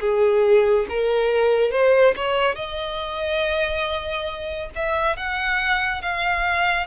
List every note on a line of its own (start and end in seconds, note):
0.00 0.86 G#4
0.89 1.71 A#4
1.71 2.14 C5
2.16 2.55 C#5
2.55 4.69 D#5
4.75 5.16 E5
5.16 6.02 F#5
6.02 6.86 F5